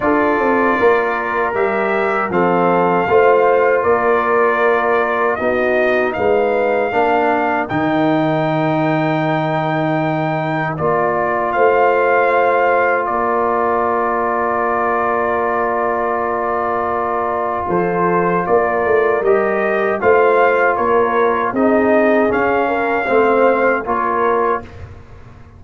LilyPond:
<<
  \new Staff \with { instrumentName = "trumpet" } { \time 4/4 \tempo 4 = 78 d''2 e''4 f''4~ | f''4 d''2 dis''4 | f''2 g''2~ | g''2 d''4 f''4~ |
f''4 d''2.~ | d''2. c''4 | d''4 dis''4 f''4 cis''4 | dis''4 f''2 cis''4 | }
  \new Staff \with { instrumentName = "horn" } { \time 4/4 a'4 ais'2 a'4 | c''4 ais'2 fis'4 | b'4 ais'2.~ | ais'2. c''4~ |
c''4 ais'2.~ | ais'2. a'4 | ais'2 c''4 ais'4 | gis'4. ais'8 c''4 ais'4 | }
  \new Staff \with { instrumentName = "trombone" } { \time 4/4 f'2 g'4 c'4 | f'2. dis'4~ | dis'4 d'4 dis'2~ | dis'2 f'2~ |
f'1~ | f'1~ | f'4 g'4 f'2 | dis'4 cis'4 c'4 f'4 | }
  \new Staff \with { instrumentName = "tuba" } { \time 4/4 d'8 c'8 ais4 g4 f4 | a4 ais2 b4 | gis4 ais4 dis2~ | dis2 ais4 a4~ |
a4 ais2.~ | ais2. f4 | ais8 a8 g4 a4 ais4 | c'4 cis'4 a4 ais4 | }
>>